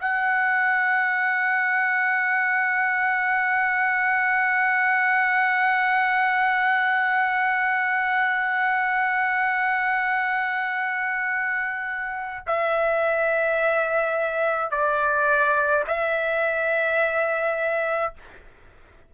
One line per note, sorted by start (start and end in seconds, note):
0.00 12.45 F#5
12.47 14.71 E5
14.71 15.84 D5
15.87 18.14 E5